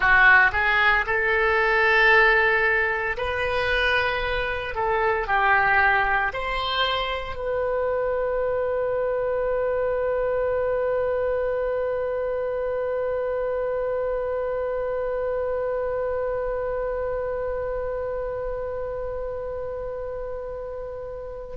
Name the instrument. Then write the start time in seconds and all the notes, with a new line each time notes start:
oboe
0.00 F#4
0.52 G#4
1.06 A4
3.17 B4
4.75 A4
5.27 G4
6.33 C5
7.35 B4